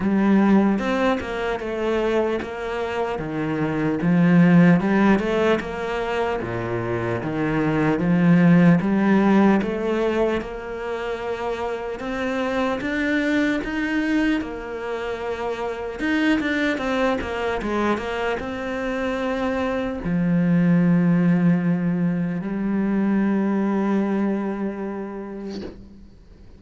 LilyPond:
\new Staff \with { instrumentName = "cello" } { \time 4/4 \tempo 4 = 75 g4 c'8 ais8 a4 ais4 | dis4 f4 g8 a8 ais4 | ais,4 dis4 f4 g4 | a4 ais2 c'4 |
d'4 dis'4 ais2 | dis'8 d'8 c'8 ais8 gis8 ais8 c'4~ | c'4 f2. | g1 | }